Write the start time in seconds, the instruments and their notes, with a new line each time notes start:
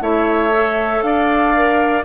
0.00 bassoon A3, clarinet E4, oboe C#5, flute E5
0.54 clarinet A4
1.01 bassoon D4, oboe D5, flute F5
1.55 clarinet A#4